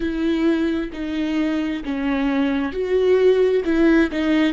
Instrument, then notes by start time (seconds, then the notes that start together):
viola
0.00 E4
0.93 D#4
1.84 C#4
2.72 F#4
3.64 E4
4.12 D#4